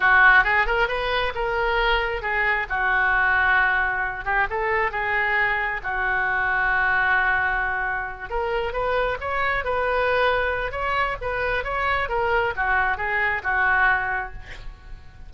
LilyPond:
\new Staff \with { instrumentName = "oboe" } { \time 4/4 \tempo 4 = 134 fis'4 gis'8 ais'8 b'4 ais'4~ | ais'4 gis'4 fis'2~ | fis'4. g'8 a'4 gis'4~ | gis'4 fis'2.~ |
fis'2~ fis'8 ais'4 b'8~ | b'8 cis''4 b'2~ b'8 | cis''4 b'4 cis''4 ais'4 | fis'4 gis'4 fis'2 | }